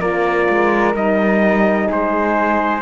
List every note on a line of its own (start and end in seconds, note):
0.00 0.48 A#3
0.00 0.95 F4
0.00 1.87 A#4
0.00 0.95 D5
0.49 0.95 G#3
0.95 1.88 G3
0.95 2.82 D#4
0.95 1.90 D#5
1.87 2.82 G#3
1.87 2.81 G#4
1.87 2.82 C5